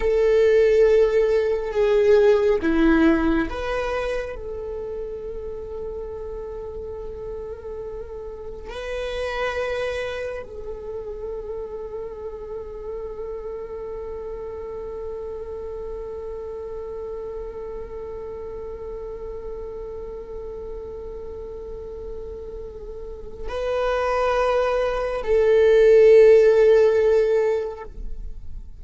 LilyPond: \new Staff \with { instrumentName = "viola" } { \time 4/4 \tempo 4 = 69 a'2 gis'4 e'4 | b'4 a'2.~ | a'2 b'2 | a'1~ |
a'1~ | a'1~ | a'2. b'4~ | b'4 a'2. | }